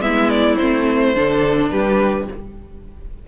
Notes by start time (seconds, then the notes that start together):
0.00 G#3 B3 E4 E5
0.30 D5
0.56 A3 C4 C5
1.15 D3 D4 A4
1.71 G3 G4 B4